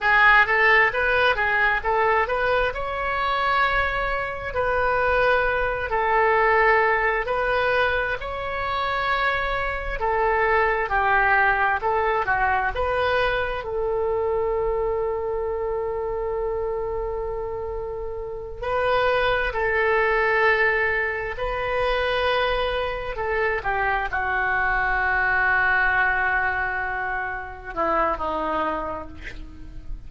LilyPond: \new Staff \with { instrumentName = "oboe" } { \time 4/4 \tempo 4 = 66 gis'8 a'8 b'8 gis'8 a'8 b'8 cis''4~ | cis''4 b'4. a'4. | b'4 cis''2 a'4 | g'4 a'8 fis'8 b'4 a'4~ |
a'1~ | a'8 b'4 a'2 b'8~ | b'4. a'8 g'8 fis'4.~ | fis'2~ fis'8 e'8 dis'4 | }